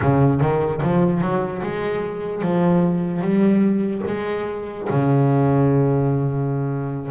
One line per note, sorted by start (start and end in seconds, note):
0.01 0.41 C#3
0.41 0.81 D#3
0.82 1.21 F3
1.21 1.61 F#3
1.62 2.42 G#3
2.42 3.21 F3
3.21 4.02 G3
4.07 4.88 G#3
4.89 7.11 C#3